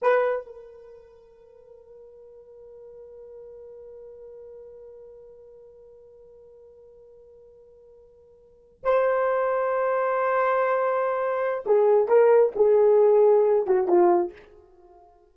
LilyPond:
\new Staff \with { instrumentName = "horn" } { \time 4/4 \tempo 4 = 134 b'4 ais'2.~ | ais'1~ | ais'1~ | ais'1~ |
ais'2.~ ais'8. c''16~ | c''1~ | c''2 gis'4 ais'4 | gis'2~ gis'8 fis'8 f'4 | }